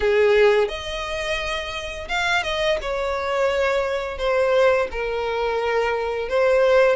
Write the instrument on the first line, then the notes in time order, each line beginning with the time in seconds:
violin
0.00 G#4
0.68 D#5
2.08 F5
2.43 D#5
2.81 C#5
4.18 C5
4.91 A#4
6.28 C5